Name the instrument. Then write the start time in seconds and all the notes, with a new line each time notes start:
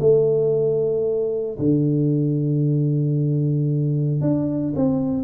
tuba
0.00 A3
1.58 D3
4.21 D4
4.76 C4